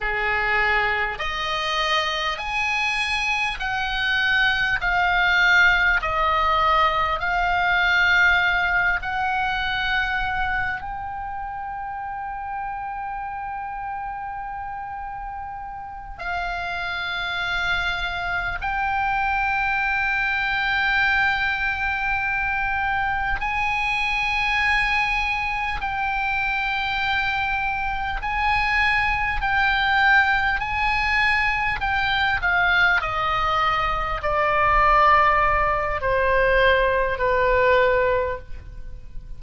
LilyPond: \new Staff \with { instrumentName = "oboe" } { \time 4/4 \tempo 4 = 50 gis'4 dis''4 gis''4 fis''4 | f''4 dis''4 f''4. fis''8~ | fis''4 g''2.~ | g''4. f''2 g''8~ |
g''2.~ g''8 gis''8~ | gis''4. g''2 gis''8~ | gis''8 g''4 gis''4 g''8 f''8 dis''8~ | dis''8 d''4. c''4 b'4 | }